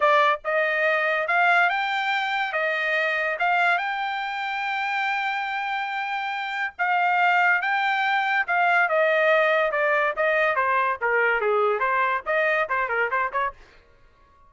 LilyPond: \new Staff \with { instrumentName = "trumpet" } { \time 4/4 \tempo 4 = 142 d''4 dis''2 f''4 | g''2 dis''2 | f''4 g''2.~ | g''1 |
f''2 g''2 | f''4 dis''2 d''4 | dis''4 c''4 ais'4 gis'4 | c''4 dis''4 c''8 ais'8 c''8 cis''8 | }